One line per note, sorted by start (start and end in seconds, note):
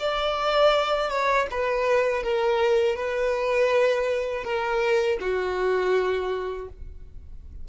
0.00 1.10 D5
1.10 1.47 C#5
1.51 2.23 B4
2.23 2.96 A#4
2.96 4.44 B4
4.44 5.18 A#4
5.21 6.69 F#4